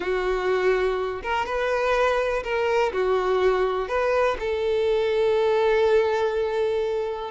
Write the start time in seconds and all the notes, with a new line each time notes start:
0.00 F#4
1.22 A#4
1.45 B4
2.43 A#4
2.92 F#4
3.88 B4
4.39 A4